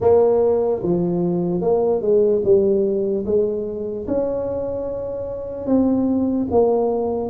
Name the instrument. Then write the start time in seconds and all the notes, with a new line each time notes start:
tuba
0.00 A#3
0.83 F3
1.61 A#3
2.01 G#3
2.44 G3
3.25 G#3
4.07 C#4
5.66 C4
6.50 A#3